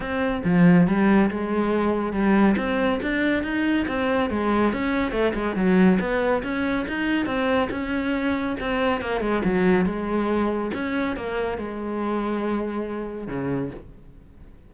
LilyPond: \new Staff \with { instrumentName = "cello" } { \time 4/4 \tempo 4 = 140 c'4 f4 g4 gis4~ | gis4 g4 c'4 d'4 | dis'4 c'4 gis4 cis'4 | a8 gis8 fis4 b4 cis'4 |
dis'4 c'4 cis'2 | c'4 ais8 gis8 fis4 gis4~ | gis4 cis'4 ais4 gis4~ | gis2. cis4 | }